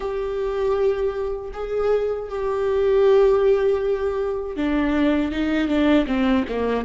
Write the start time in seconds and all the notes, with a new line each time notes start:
0.00 G4
1.53 G#4
2.29 G4
4.56 D4
5.31 D#4
5.68 D4
6.06 C4
6.48 A#3